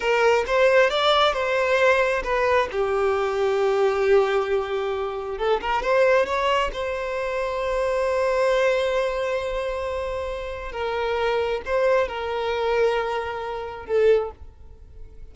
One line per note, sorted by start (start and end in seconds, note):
0.00 0.44 A#4
0.46 0.90 C5
0.90 1.33 D5
1.33 2.22 C5
2.23 2.68 B4
2.71 5.38 G4
5.38 5.60 A4
5.60 5.82 A#4
5.82 6.26 C5
6.26 6.70 C#5
6.73 10.72 C5
10.72 11.61 A#4
11.65 12.08 C5
12.08 13.86 A#4
13.86 14.30 A4